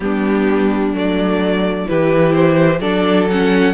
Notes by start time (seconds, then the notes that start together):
0.00 G3 B3 D4 G4
0.93 F#3 A3 D5
1.86 E3 E4 G4 B4
2.32 C5
2.79 F#3 D4 A4 D5
3.30 C#4 F#5